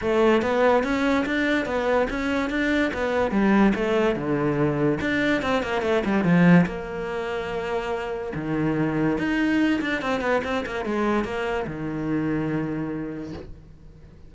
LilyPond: \new Staff \with { instrumentName = "cello" } { \time 4/4 \tempo 4 = 144 a4 b4 cis'4 d'4 | b4 cis'4 d'4 b4 | g4 a4 d2 | d'4 c'8 ais8 a8 g8 f4 |
ais1 | dis2 dis'4. d'8 | c'8 b8 c'8 ais8 gis4 ais4 | dis1 | }